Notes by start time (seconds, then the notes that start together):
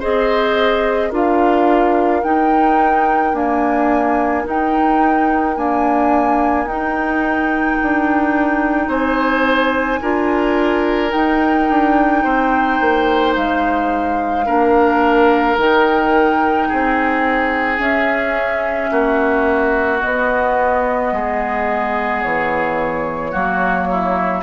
0.00 C4 G#4 C5 D#5
1.09 D4 F4 A#4 F5
2.23 D#4 G5
3.34 A#3 D4 G#5
4.45 D#4 G5
5.57 A#3 D4 G#5
6.66 D#4 G5
7.82 D4
8.88 C4 C5 G#5
10.02 D4 F4 A#4
11.10 D#4 G5
11.70 D4
12.24 C4 C5
12.81 A#3
13.36 G#3 F5
14.46 A#3 D4 A#4
15.58 D#3 D#4 G5
16.69 C4 G#4
17.78 C#4 E5
18.91 A#3 F#4
20.00 B3 D#5
21.12 G#3 G#4
22.22 E3 C#5
23.31 F#3 A#3 F#4
23.91 E4